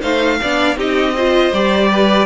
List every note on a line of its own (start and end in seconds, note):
0.00 0.39 A3
0.00 0.38 D#4
0.00 0.38 C5
0.00 0.77 F5
0.41 0.76 B3
0.41 0.76 D4
0.41 0.76 D5
0.76 1.51 C4
0.76 1.14 D#4
0.76 1.14 G4
0.76 1.53 D#5
1.14 1.53 F4
1.14 1.89 C5
1.52 2.26 G3
1.52 2.26 G4
1.52 2.26 D5
1.90 2.26 B4